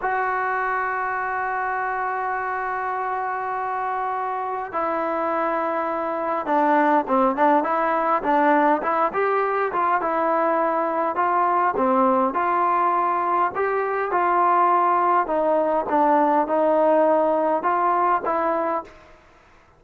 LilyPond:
\new Staff \with { instrumentName = "trombone" } { \time 4/4 \tempo 4 = 102 fis'1~ | fis'1 | e'2. d'4 | c'8 d'8 e'4 d'4 e'8 g'8~ |
g'8 f'8 e'2 f'4 | c'4 f'2 g'4 | f'2 dis'4 d'4 | dis'2 f'4 e'4 | }